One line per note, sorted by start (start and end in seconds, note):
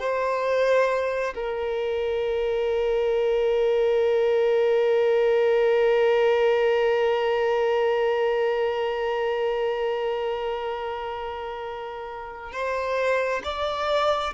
0.00 1.34 C5
1.35 12.53 A#4
12.53 13.42 C5
13.44 14.34 D5